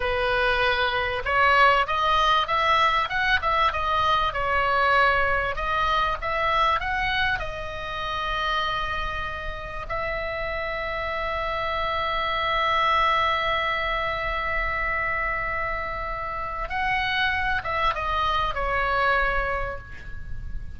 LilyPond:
\new Staff \with { instrumentName = "oboe" } { \time 4/4 \tempo 4 = 97 b'2 cis''4 dis''4 | e''4 fis''8 e''8 dis''4 cis''4~ | cis''4 dis''4 e''4 fis''4 | dis''1 |
e''1~ | e''1~ | e''2. fis''4~ | fis''8 e''8 dis''4 cis''2 | }